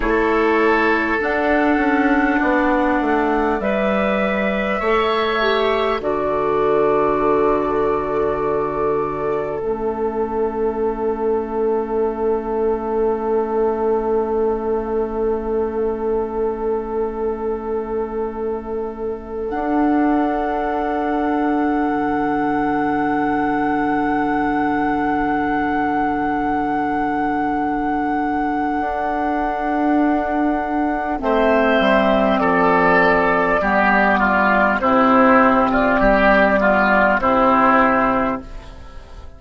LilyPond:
<<
  \new Staff \with { instrumentName = "flute" } { \time 4/4 \tempo 4 = 50 cis''4 fis''2 e''4~ | e''4 d''2. | e''1~ | e''1~ |
e''16 fis''2.~ fis''8.~ | fis''1~ | fis''2 e''4 d''4~ | d''4 c''8. d''4~ d''16 c''4 | }
  \new Staff \with { instrumentName = "oboe" } { \time 4/4 a'2 d''2 | cis''4 a'2.~ | a'1~ | a'1~ |
a'1~ | a'1~ | a'2 c''4 a'4 | g'8 f'8 e'8. f'16 g'8 f'8 e'4 | }
  \new Staff \with { instrumentName = "clarinet" } { \time 4/4 e'4 d'2 b'4 | a'8 g'8 fis'2. | cis'1~ | cis'1~ |
cis'16 d'2.~ d'8.~ | d'1~ | d'2 c'2 | b4 c'4. b8 c'4 | }
  \new Staff \with { instrumentName = "bassoon" } { \time 4/4 a4 d'8 cis'8 b8 a8 g4 | a4 d2. | a1~ | a1~ |
a16 d'2 d4.~ d16~ | d1 | d'2 a8 g8 f4 | g4 c4 g4 c4 | }
>>